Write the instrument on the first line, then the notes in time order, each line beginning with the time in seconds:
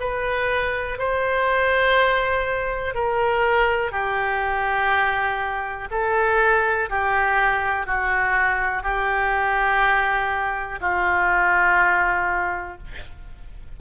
oboe
0.00 B4
0.99 C5
2.95 A#4
3.92 G4
5.91 A4
6.90 G4
7.86 F#4
8.83 G4
10.81 F4